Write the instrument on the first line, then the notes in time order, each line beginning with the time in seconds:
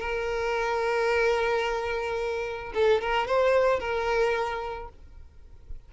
violin
0.00 A#4
2.74 A4
3.01 A#4
3.28 C5
3.80 A#4